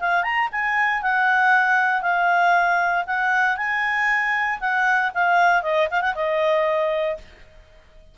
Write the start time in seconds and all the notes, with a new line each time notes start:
0.00 F5
0.23 A#5
0.52 G#5
1.02 F#5
2.02 F5
3.07 F#5
3.57 G#5
4.60 F#5
5.14 F5
5.63 D#5
5.91 F5
6.02 F#5
6.15 D#5